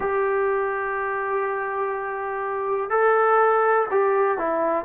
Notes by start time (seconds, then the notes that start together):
0.00 G4
2.89 A4
3.90 G4
4.38 E4